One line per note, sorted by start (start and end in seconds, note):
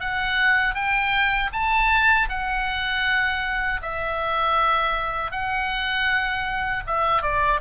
0.00 0.74 F#5
0.74 1.50 G5
1.53 2.29 A5
2.29 3.80 F#5
3.81 5.31 E5
5.31 6.83 F#5
6.86 7.22 E5
7.22 7.60 D5